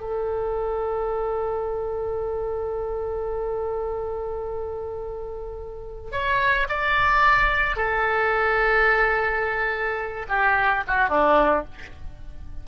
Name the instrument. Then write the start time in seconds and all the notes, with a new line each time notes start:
oboe
0.00 A4
6.12 C#5
6.69 D5
7.76 A4
10.28 G4
10.87 F#4
11.09 D4